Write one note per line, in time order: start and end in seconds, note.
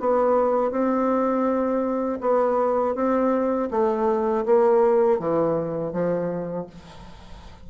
0.00 0.71 B3
0.71 2.19 C4
2.21 2.95 B3
2.95 3.69 C4
3.71 4.45 A3
4.45 5.19 A#3
5.19 5.93 E3
5.93 6.67 F3